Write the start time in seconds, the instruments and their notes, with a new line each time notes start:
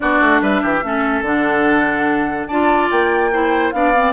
0.00 bassoon B3, clarinet D4, oboe F#4, flute D5
0.21 bassoon A3
0.41 bassoon G3, oboe B4, flute E5
0.62 bassoon E3, oboe G4
0.83 bassoon A3, clarinet C#4, oboe A4
1.21 bassoon D3, clarinet D4, flute F#5
2.47 bassoon D4, clarinet F4, oboe D5, flute A5
2.90 bassoon A#3, flute G5
3.32 clarinet E4, oboe C5
3.71 bassoon B3, clarinet D4, oboe D5, flute F5
3.94 clarinet C4